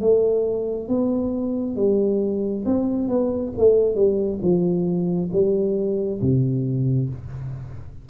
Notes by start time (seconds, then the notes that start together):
0.00 A3
0.88 B3
1.76 G3
2.65 C4
3.08 B3
3.58 A3
3.95 G3
4.42 F3
5.32 G3
6.21 C3